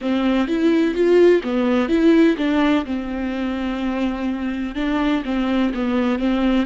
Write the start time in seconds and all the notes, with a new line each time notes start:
0.01 C4
0.47 E4
0.94 F4
1.43 B3
1.88 E4
2.37 D4
2.85 C4
4.75 D4
5.24 C4
5.74 B3
6.18 C4